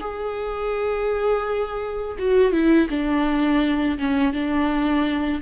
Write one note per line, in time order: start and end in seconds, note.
0.00 2.17 G#4
2.18 2.51 F#4
2.51 2.88 E4
2.89 3.98 D4
3.98 4.33 C#4
4.33 5.41 D4